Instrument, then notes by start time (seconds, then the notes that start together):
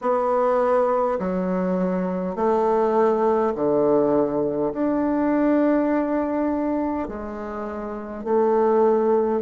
bassoon
0.01 B3
1.19 F#3
2.35 A3
3.55 D3
4.73 D4
7.07 G#3
8.24 A3